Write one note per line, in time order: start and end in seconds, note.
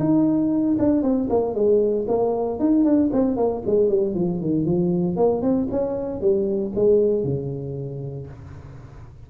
0.00 0.78 D#4
0.79 1.03 D4
1.03 1.29 C4
1.30 1.55 A#3
1.55 2.07 G#3
2.08 2.60 A#3
2.60 2.85 D#4
2.85 3.11 D4
3.13 3.37 C4
3.37 3.63 A#3
3.67 3.90 G#3
3.90 4.15 G3
4.15 4.41 F3
4.41 4.66 D#3
4.66 5.17 F3
5.17 5.42 A#3
5.42 5.68 C4
5.71 6.21 C#4
6.21 6.73 G3
6.76 7.24 G#3
7.24 8.28 C#3